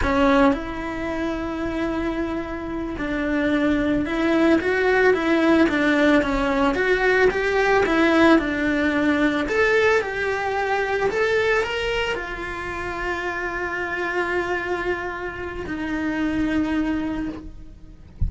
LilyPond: \new Staff \with { instrumentName = "cello" } { \time 4/4 \tempo 4 = 111 cis'4 e'2.~ | e'4. d'2 e'8~ | e'8 fis'4 e'4 d'4 cis'8~ | cis'8 fis'4 g'4 e'4 d'8~ |
d'4. a'4 g'4.~ | g'8 a'4 ais'4 f'4.~ | f'1~ | f'4 dis'2. | }